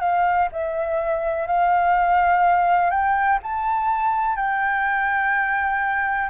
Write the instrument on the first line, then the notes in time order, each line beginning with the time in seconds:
flute
0.00 F5
0.52 E5
1.46 F5
2.90 G5
3.43 A5
4.36 G5